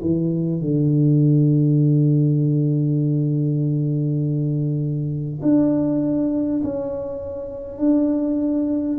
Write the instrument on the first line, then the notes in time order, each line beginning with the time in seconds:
tuba
0.00 E3
0.61 D3
5.42 D4
6.63 C#4
7.78 D4